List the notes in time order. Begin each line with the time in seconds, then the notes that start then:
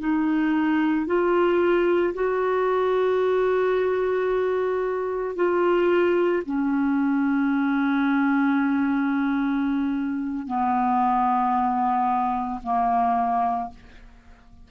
0.00 D#4
1.07 F4
2.14 F#4
5.36 F4
6.46 C#4
10.47 B3
12.63 A#3